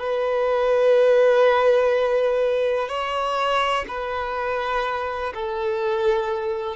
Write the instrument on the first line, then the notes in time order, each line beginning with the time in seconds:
violin
0.00 B4
2.89 C#5
3.88 B4
5.34 A4